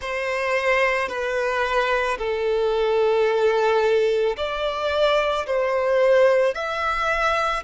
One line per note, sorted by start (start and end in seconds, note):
0.00 1.08 C5
1.08 2.17 B4
2.18 4.36 A4
4.36 5.45 D5
5.46 6.54 C5
6.54 7.63 E5